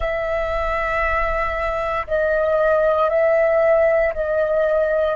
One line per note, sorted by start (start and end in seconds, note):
0.00 2.06 E5
2.07 3.09 D#5
3.09 4.13 E5
4.13 5.16 D#5